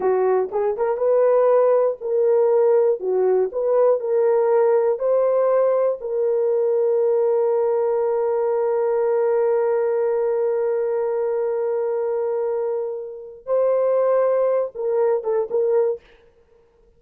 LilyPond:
\new Staff \with { instrumentName = "horn" } { \time 4/4 \tempo 4 = 120 fis'4 gis'8 ais'8 b'2 | ais'2 fis'4 b'4 | ais'2 c''2 | ais'1~ |
ais'1~ | ais'1~ | ais'2. c''4~ | c''4. ais'4 a'8 ais'4 | }